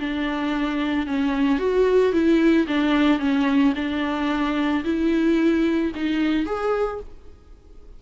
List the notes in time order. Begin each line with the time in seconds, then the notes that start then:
0.00 D4
1.07 C#4
1.59 F#4
2.13 E4
2.68 D4
3.20 C#4
3.76 D4
4.84 E4
5.95 D#4
6.46 G#4